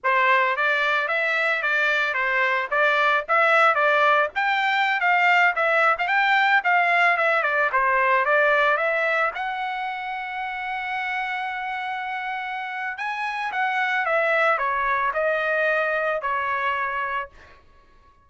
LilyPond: \new Staff \with { instrumentName = "trumpet" } { \time 4/4 \tempo 4 = 111 c''4 d''4 e''4 d''4 | c''4 d''4 e''4 d''4 | g''4~ g''16 f''4 e''8. f''16 g''8.~ | g''16 f''4 e''8 d''8 c''4 d''8.~ |
d''16 e''4 fis''2~ fis''8.~ | fis''1 | gis''4 fis''4 e''4 cis''4 | dis''2 cis''2 | }